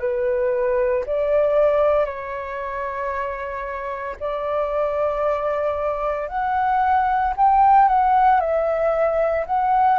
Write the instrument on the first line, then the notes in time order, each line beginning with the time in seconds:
flute
0.00 B4
1.07 D5
2.06 C#5
4.20 D5
6.29 F#5
7.37 G5
7.89 F#5
8.41 E5
9.47 F#5